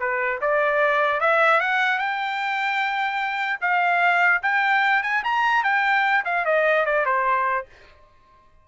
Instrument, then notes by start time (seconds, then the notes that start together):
trumpet
0.00 B4
0.42 D5
1.21 E5
1.61 F#5
1.99 G5
3.61 F5
4.43 G5
5.04 G#5
5.24 A#5
5.64 G5
6.25 F5
6.46 D#5
6.86 D5
7.06 C5